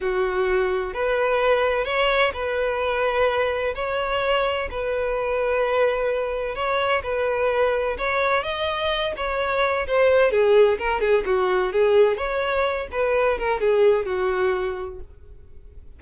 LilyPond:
\new Staff \with { instrumentName = "violin" } { \time 4/4 \tempo 4 = 128 fis'2 b'2 | cis''4 b'2. | cis''2 b'2~ | b'2 cis''4 b'4~ |
b'4 cis''4 dis''4. cis''8~ | cis''4 c''4 gis'4 ais'8 gis'8 | fis'4 gis'4 cis''4. b'8~ | b'8 ais'8 gis'4 fis'2 | }